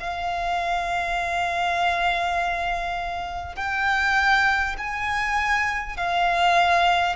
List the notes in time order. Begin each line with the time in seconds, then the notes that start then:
0.00 F5
3.56 G5
4.78 G#5
5.97 F5